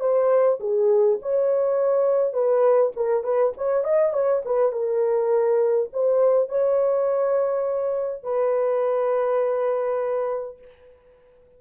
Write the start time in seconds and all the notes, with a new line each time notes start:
0.00 C5
0.60 G#4
1.22 C#5
2.33 B4
2.96 A#4
3.24 B4
3.57 C#5
3.84 D#5
4.13 C#5
4.45 B4
4.72 A#4
5.93 C5
6.49 C#5
8.24 B4